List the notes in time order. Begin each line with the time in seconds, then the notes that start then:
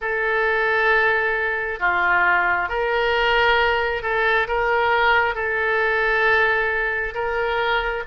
0.01 A4
1.79 F4
2.69 A#4
4.02 A4
4.47 A#4
5.34 A4
7.14 A#4